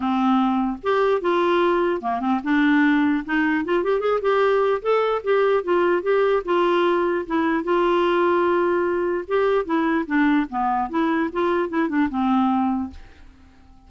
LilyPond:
\new Staff \with { instrumentName = "clarinet" } { \time 4/4 \tempo 4 = 149 c'2 g'4 f'4~ | f'4 ais8 c'8 d'2 | dis'4 f'8 g'8 gis'8 g'4. | a'4 g'4 f'4 g'4 |
f'2 e'4 f'4~ | f'2. g'4 | e'4 d'4 b4 e'4 | f'4 e'8 d'8 c'2 | }